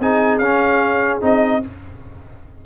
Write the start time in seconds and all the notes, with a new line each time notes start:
0.00 C4 D#4 G#4 G#5
0.39 C#4 F5
1.21 C4 D#4 D#5